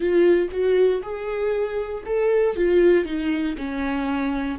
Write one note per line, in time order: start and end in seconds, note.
0.00 0.49 F4
0.51 1.01 F#4
1.02 2.04 G#4
2.05 2.55 A4
2.55 3.05 F4
3.05 3.56 D#4
3.57 4.59 C#4